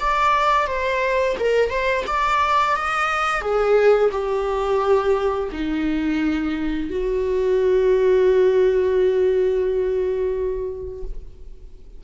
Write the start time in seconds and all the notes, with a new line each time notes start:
0.00 D5
0.67 C5
1.39 A#4
1.70 C5
2.07 D5
2.76 D#5
3.41 G#4
4.12 G4
5.52 D#4
6.90 F#4